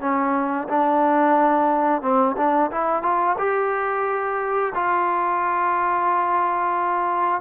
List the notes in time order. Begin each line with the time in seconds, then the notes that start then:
0.00 C#4
0.68 D4
2.02 C4
2.37 D4
2.71 E4
3.02 F4
3.38 G4
4.74 F4